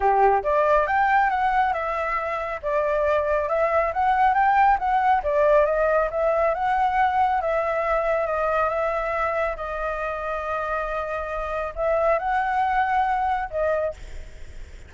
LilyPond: \new Staff \with { instrumentName = "flute" } { \time 4/4 \tempo 4 = 138 g'4 d''4 g''4 fis''4 | e''2 d''2 | e''4 fis''4 g''4 fis''4 | d''4 dis''4 e''4 fis''4~ |
fis''4 e''2 dis''4 | e''2 dis''2~ | dis''2. e''4 | fis''2. dis''4 | }